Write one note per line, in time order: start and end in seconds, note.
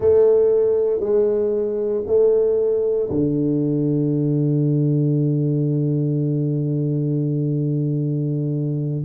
0.00 1.00 A3
1.00 2.03 G#3
2.06 3.09 A3
3.10 9.05 D3